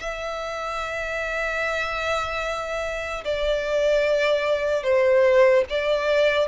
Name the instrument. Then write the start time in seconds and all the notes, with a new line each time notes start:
violin
0.00 E5
3.25 D5
4.83 C5
5.69 D5